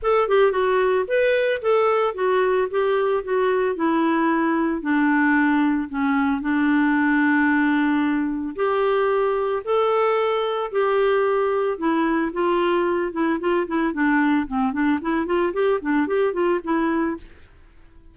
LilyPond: \new Staff \with { instrumentName = "clarinet" } { \time 4/4 \tempo 4 = 112 a'8 g'8 fis'4 b'4 a'4 | fis'4 g'4 fis'4 e'4~ | e'4 d'2 cis'4 | d'1 |
g'2 a'2 | g'2 e'4 f'4~ | f'8 e'8 f'8 e'8 d'4 c'8 d'8 | e'8 f'8 g'8 d'8 g'8 f'8 e'4 | }